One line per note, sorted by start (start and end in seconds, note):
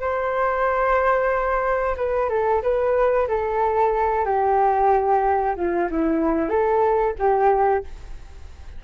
0.00 1.96 C5
1.97 2.29 B4
2.29 2.62 A4
2.62 3.28 B4
3.28 4.25 A4
4.25 5.56 G4
5.56 5.89 F4
5.91 6.49 E4
6.49 7.14 A4
7.19 7.84 G4